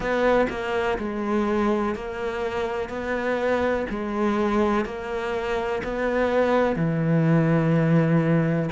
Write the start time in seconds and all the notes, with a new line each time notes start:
0.00 B3
0.49 A#3
0.98 G#3
1.95 A#3
2.89 B3
3.89 G#3
4.85 A#3
5.83 B3
6.75 E3